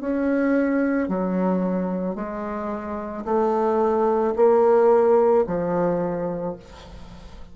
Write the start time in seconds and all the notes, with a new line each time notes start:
0.00 C#4
1.08 F#3
2.15 G#3
3.25 A3
4.35 A#3
5.46 F3